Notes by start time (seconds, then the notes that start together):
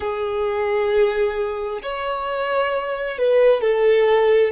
0.00 G#4
1.82 C#5
3.18 B4
3.61 A4